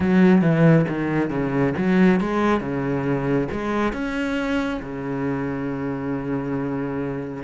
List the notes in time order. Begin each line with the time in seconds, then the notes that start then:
0.00 F#3
0.41 E3
0.88 D#3
1.29 C#3
1.77 F#3
2.20 G#3
2.60 C#3
3.51 G#3
3.93 C#4
4.82 C#3